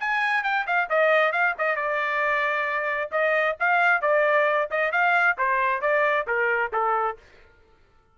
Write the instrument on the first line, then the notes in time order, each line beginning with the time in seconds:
trumpet
0.00 G#5
0.44 G5
0.67 F5
0.90 D#5
1.32 F5
1.59 D#5
1.76 D5
3.12 D#5
3.60 F5
4.02 D5
4.71 D#5
4.92 F5
5.38 C5
5.82 D5
6.27 A#4
6.73 A4